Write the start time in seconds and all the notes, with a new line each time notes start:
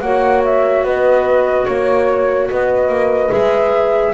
0.00 A#3 F#4 C#5 F#5
0.44 E5
0.83 B3 B4 D#5
1.64 A#3 C#5
2.50 B3 B4 D#5
2.88 A#3
3.30 G#3 G#4 E5